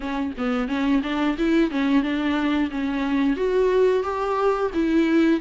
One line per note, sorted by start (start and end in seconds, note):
0.00 0.32 C#4
0.37 0.67 B3
0.67 1.01 C#4
1.03 1.36 D4
1.38 1.70 E4
1.70 2.02 C#4
2.02 2.70 D4
2.70 3.36 C#4
3.36 4.03 F#4
4.03 4.70 G4
4.74 5.40 E4